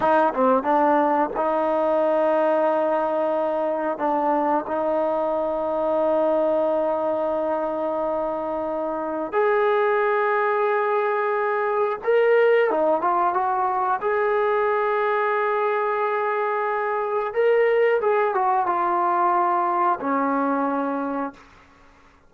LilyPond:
\new Staff \with { instrumentName = "trombone" } { \time 4/4 \tempo 4 = 90 dis'8 c'8 d'4 dis'2~ | dis'2 d'4 dis'4~ | dis'1~ | dis'2 gis'2~ |
gis'2 ais'4 dis'8 f'8 | fis'4 gis'2.~ | gis'2 ais'4 gis'8 fis'8 | f'2 cis'2 | }